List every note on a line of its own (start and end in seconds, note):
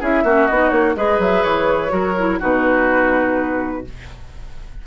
0.00 0.24 C#4
0.00 0.25 E4
0.00 0.24 G#4
0.00 0.47 E5
0.24 0.48 A#3
0.24 0.49 C#4
0.24 0.96 F#4
0.47 0.71 B3
0.47 0.96 D#4
0.47 0.69 D#5
0.69 0.95 A#3
0.69 0.93 C#5
0.96 1.19 G#3
0.96 1.89 G#4
0.96 1.92 B4
0.96 1.21 D#5
1.19 1.43 F#3
1.19 1.43 E5
1.43 1.92 E3
1.43 2.39 C#5
1.89 2.40 F#3
1.89 2.13 F#4
1.89 2.40 A#4
2.19 2.40 E4
2.40 3.86 B2
2.40 3.84 D#4
2.40 3.83 F#4
2.40 3.87 B4